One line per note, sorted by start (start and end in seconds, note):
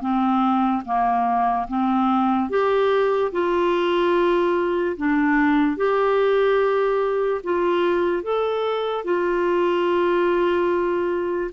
0.00 0.82 C4
0.85 1.67 A#3
1.67 2.49 C4
2.49 3.31 G4
3.32 4.96 F4
4.97 5.76 D4
5.76 7.41 G4
7.43 8.22 F4
8.22 9.04 A4
9.04 11.50 F4